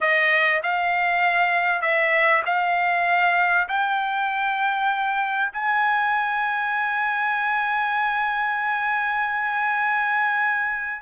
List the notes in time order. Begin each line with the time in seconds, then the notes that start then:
0.01 D#5
0.62 F5
1.81 E5
2.45 F5
3.68 G5
5.52 G#5